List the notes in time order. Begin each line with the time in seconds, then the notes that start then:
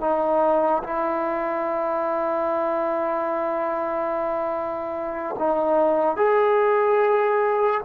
0.00 D#4
0.83 E4
5.38 D#4
6.16 G#4